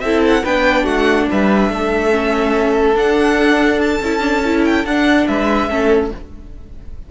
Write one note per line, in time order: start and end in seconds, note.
0.00 0.43 C4
0.00 0.45 E4
0.00 0.44 A4
0.00 0.21 E5
0.27 0.45 F#5
0.44 0.85 B3
0.44 2.11 D4
0.44 0.84 B4
0.44 0.85 G5
0.84 1.27 A3
0.84 1.26 F#4
0.84 1.27 F#5
1.30 1.70 G3
1.30 1.72 B4
1.30 2.98 E5
1.70 2.95 A3
1.70 5.27 A4
2.11 2.94 C#4
2.95 4.00 D4
2.95 3.81 F#5
3.81 4.65 A5
4.01 4.85 C#4
4.01 4.20 E4
4.20 4.41 D4
4.45 4.87 E4
4.65 4.86 G5
4.85 5.27 D4
4.85 5.69 D4
4.85 5.27 F#5
5.27 5.69 G#3
5.27 5.69 B4
5.27 6.11 E5
5.69 6.11 A3
5.69 6.11 C#4
5.69 6.11 A4